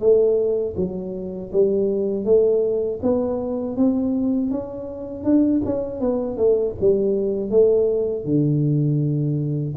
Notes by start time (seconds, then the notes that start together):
0.00 A3
0.77 F#3
1.53 G3
2.25 A3
3.03 B3
3.77 C4
4.51 C#4
5.24 D4
5.66 C#4
6.01 B3
6.38 A3
6.81 G3
7.51 A3
8.25 D3